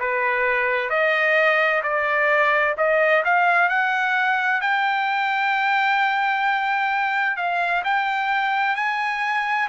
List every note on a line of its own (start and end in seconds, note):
0.00 0.90 B4
0.90 1.82 D#5
1.83 2.76 D5
2.78 3.24 D#5
3.25 3.69 F5
3.69 4.61 F#5
4.61 7.37 G5
7.37 7.83 F5
7.84 8.76 G5
8.76 9.68 G#5